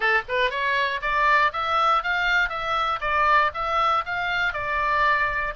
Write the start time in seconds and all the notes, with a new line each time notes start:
0.00 A4
0.28 B4
0.50 C#5
1.01 D5
1.52 E5
2.03 F5
2.49 E5
3.00 D5
3.53 E5
4.05 F5
4.53 D5